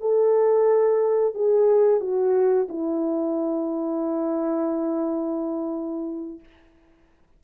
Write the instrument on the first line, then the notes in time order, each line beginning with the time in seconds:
horn
0.00 A4
1.34 G#4
2.00 F#4
2.68 E4